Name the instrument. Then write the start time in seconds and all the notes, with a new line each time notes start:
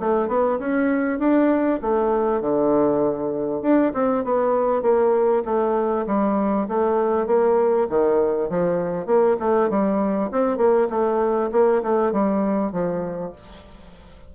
bassoon
0.00 A3
0.28 B3
0.59 C#4
1.19 D4
1.82 A3
2.41 D3
3.62 D4
3.94 C4
4.24 B3
4.82 A#3
5.45 A3
6.07 G3
6.68 A3
7.27 A#3
7.89 D#3
8.49 F3
9.06 A#3
9.39 A3
9.70 G3
10.31 C4
10.58 A#3
10.90 A3
11.52 A#3
11.82 A3
12.12 G3
12.72 F3